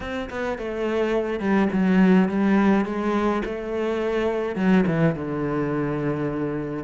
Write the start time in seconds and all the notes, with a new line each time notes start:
0.00 C4
0.29 B3
0.58 A3
1.39 G3
1.72 F#3
2.28 G3
2.85 G#3
3.45 A3
4.55 F#3
4.86 E3
5.15 D3